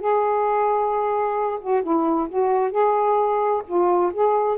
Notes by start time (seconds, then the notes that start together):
0.00 G#4
1.61 F#4
1.83 E4
2.29 F#4
2.71 G#4
3.67 F4
4.13 G#4